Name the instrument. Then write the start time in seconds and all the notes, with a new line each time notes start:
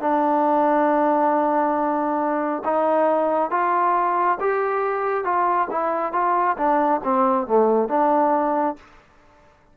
trombone
0.00 D4
2.64 D#4
3.50 F4
4.40 G4
5.24 F4
5.70 E4
6.12 F4
6.57 D4
7.04 C4
7.47 A3
7.88 D4